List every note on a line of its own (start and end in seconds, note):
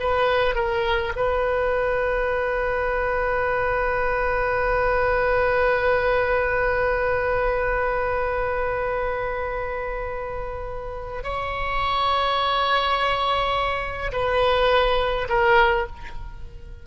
0.00 0.55 B4
0.55 1.13 A#4
1.16 11.24 B4
11.24 14.12 C#5
14.13 15.28 B4
15.29 15.87 A#4